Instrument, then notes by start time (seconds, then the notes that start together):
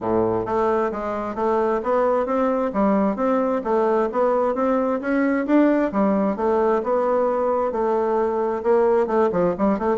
bassoon
0.00 A2
0.45 A3
0.91 G#3
1.35 A3
1.83 B3
2.25 C4
2.73 G3
3.16 C4
3.64 A3
4.12 B3
4.55 C4
5.00 C#4
5.46 D4
5.92 G3
6.36 A3
6.83 B3
7.71 A3
8.63 A#3
9.06 A3
9.32 F3
9.58 G3
9.79 A3